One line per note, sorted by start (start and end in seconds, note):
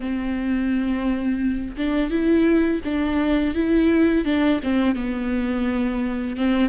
0.00 1.76 C4
1.76 2.10 D4
2.10 2.80 E4
2.84 3.54 D4
3.54 4.24 E4
4.24 4.60 D4
4.63 4.95 C4
4.95 6.36 B3
6.36 6.69 C4